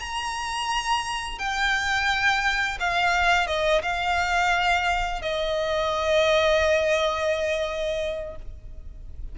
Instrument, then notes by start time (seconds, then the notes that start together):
violin
0.00 A#5
1.39 G5
2.80 F5
3.47 D#5
3.83 F5
5.22 D#5